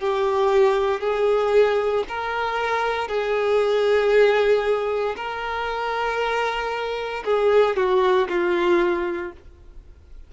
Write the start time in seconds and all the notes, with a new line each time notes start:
0.00 G4
1.00 G#4
2.08 A#4
3.08 G#4
5.16 A#4
7.25 G#4
7.76 F#4
8.28 F4